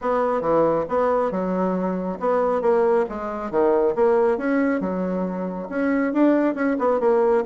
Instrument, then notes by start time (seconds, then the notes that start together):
bassoon
0.01 B3
0.41 E3
0.88 B3
1.31 F#3
2.19 B3
2.61 A#3
3.09 G#3
3.50 D#3
3.95 A#3
4.37 C#4
4.80 F#3
5.69 C#4
6.13 D4
6.55 C#4
6.78 B3
7.00 A#3